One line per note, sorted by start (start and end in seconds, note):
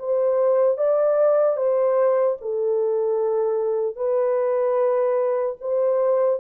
0.00 0.78 C5
0.78 1.57 D5
1.57 2.37 C5
2.41 3.97 A4
3.97 5.57 B4
5.61 6.41 C5